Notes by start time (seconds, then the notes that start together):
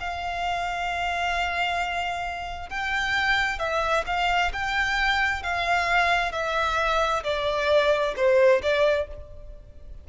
0.00 F5
2.69 G5
3.59 E5
4.06 F5
4.53 G5
5.43 F5
6.32 E5
7.24 D5
8.16 C5
8.62 D5